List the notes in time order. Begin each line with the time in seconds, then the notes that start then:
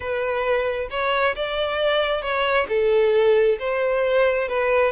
0.00 B4
0.90 C#5
1.35 D5
2.22 C#5
2.68 A4
3.59 C5
4.48 B4